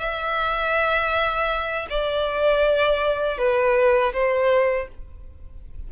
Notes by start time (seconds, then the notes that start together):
0.00 E5
1.90 D5
3.38 B4
4.14 C5